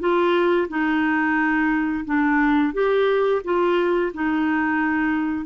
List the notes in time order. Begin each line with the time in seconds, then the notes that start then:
0.00 F4
0.69 D#4
2.05 D4
2.74 G4
3.44 F4
4.14 D#4